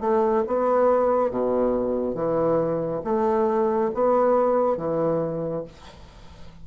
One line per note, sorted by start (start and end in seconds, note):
0.00 0.43 A3
0.47 1.30 B3
1.30 2.14 B2
2.14 3.01 E3
3.04 3.91 A3
3.94 4.77 B3
4.77 5.64 E3